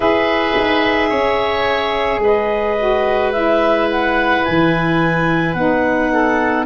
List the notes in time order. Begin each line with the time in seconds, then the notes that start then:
0.00 E4 G#4 B4 E5
0.56 D#4
1.09 C#4 C#5
2.18 G#3 B4
2.24 D#5
2.78 F#4
3.32 E4 E5
3.91 F#5
4.44 E3 G#5
5.53 B3 D#4 F#5
6.12 A4